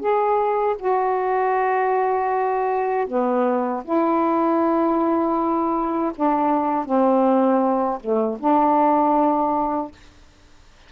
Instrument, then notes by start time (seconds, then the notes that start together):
saxophone
0.00 G#4
0.79 F#4
3.07 B3
3.84 E4
6.16 D4
6.85 C4
8.00 A3
8.40 D4